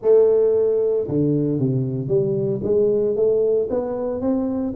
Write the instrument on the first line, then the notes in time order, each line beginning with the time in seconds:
tuba
0.02 A3
1.08 D3
1.59 C3
2.08 G3
2.63 G#3
3.16 A3
3.69 B3
4.20 C4